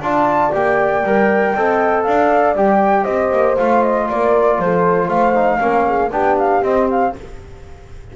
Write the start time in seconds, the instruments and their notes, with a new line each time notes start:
0.00 double bass D4, trombone F4, horn D5, flute A5
0.51 double bass A#3, trombone G4, flute G5
1.03 double bass G3, trombone A#4
1.55 double bass C4, trombone A4, horn D#5
2.03 double bass D4, horn D5, flute F5
2.55 double bass G3, trombone G4, flute G5
3.03 double bass C4, horn C5, flute D#5
3.32 double bass A#3
3.57 double bass A3, trombone F4, flute F5
3.83 flute D#5
4.08 double bass A#3, horn A#4, flute D5
4.58 double bass F3, horn A4, flute C5
5.08 double bass A3, horn C5, flute F5
5.34 trombone D#4
5.59 double bass A#3, trombone C#4, horn A#4
5.86 horn G#4
6.11 double bass B3, trombone D4, horn G4, flute G5
6.38 flute F5
6.62 trombone C4, double bass C4, flute D#5
6.90 flute F5